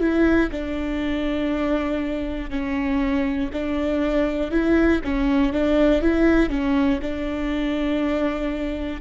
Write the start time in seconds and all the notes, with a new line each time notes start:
0.00 E4
0.51 D4
2.50 C#4
3.53 D4
4.51 E4
5.04 C#4
5.53 D4
6.02 E4
6.50 C#4
7.01 D4